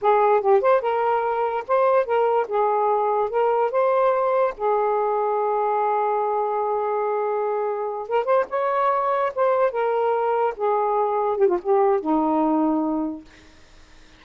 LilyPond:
\new Staff \with { instrumentName = "saxophone" } { \time 4/4 \tempo 4 = 145 gis'4 g'8 c''8 ais'2 | c''4 ais'4 gis'2 | ais'4 c''2 gis'4~ | gis'1~ |
gis'2.~ gis'8 ais'8 | c''8 cis''2 c''4 ais'8~ | ais'4. gis'2 g'16 f'16 | g'4 dis'2. | }